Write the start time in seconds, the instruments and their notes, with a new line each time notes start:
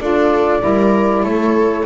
0.00 double bass D4, saxophone F4, viola A4, flute D5
0.61 double bass G3, saxophone E4, viola A#4
1.24 double bass A3, viola A4, flute C#5